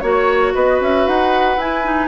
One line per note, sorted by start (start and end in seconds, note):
0.00 0.54 A#3
0.00 1.57 F#4
0.00 0.52 C#5
0.00 0.54 C#5
0.54 0.81 B3
0.54 2.08 B4
0.54 0.81 D#5
0.81 1.07 C#4
0.81 1.08 E5
1.08 1.57 D#4
1.08 1.60 F#5
1.57 2.08 E4
1.57 1.84 E4
1.57 2.08 G#5
1.84 2.08 D#4